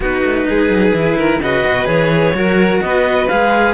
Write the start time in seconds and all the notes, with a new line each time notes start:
0.00 B3 D#4 F#4 B4
0.23 A3
0.48 G#3 G#4
0.69 F#3
0.93 E3 E4
1.17 D#3 A#4
1.40 C#3 F#4 B4 D#5
1.65 B2
1.85 E3 G#4 C#5
2.33 F#3 F#4 A#4
2.81 B3 B4 D#5
3.28 G#3 G#4 F5